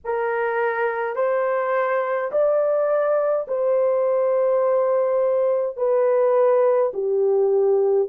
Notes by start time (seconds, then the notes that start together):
0.04 A#4
1.15 C5
2.31 D5
3.47 C5
5.76 B4
6.93 G4